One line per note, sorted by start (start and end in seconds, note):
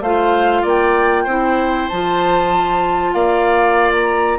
0.00 0.62 A3
0.00 1.28 F4
0.00 0.62 C5
0.00 0.64 F5
0.62 1.26 A#3
0.62 1.23 D5
0.62 1.89 G5
1.23 1.88 C4
1.23 1.90 E4
1.23 3.11 C5
1.89 3.13 F3
1.89 4.39 F4
1.89 3.13 A5
3.13 4.38 A#3
3.13 4.39 D5
3.13 3.91 F5
3.94 4.39 A#5